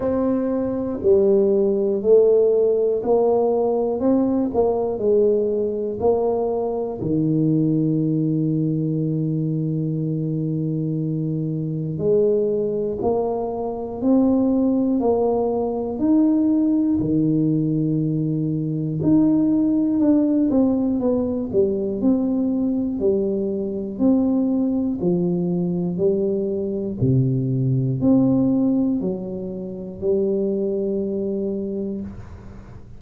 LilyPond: \new Staff \with { instrumentName = "tuba" } { \time 4/4 \tempo 4 = 60 c'4 g4 a4 ais4 | c'8 ais8 gis4 ais4 dis4~ | dis1 | gis4 ais4 c'4 ais4 |
dis'4 dis2 dis'4 | d'8 c'8 b8 g8 c'4 g4 | c'4 f4 g4 c4 | c'4 fis4 g2 | }